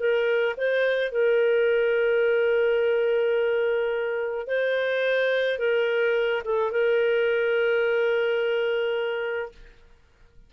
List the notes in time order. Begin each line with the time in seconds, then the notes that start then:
0.00 A#4
0.57 C5
1.12 A#4
4.48 C5
5.59 A#4
6.45 A4
6.72 A#4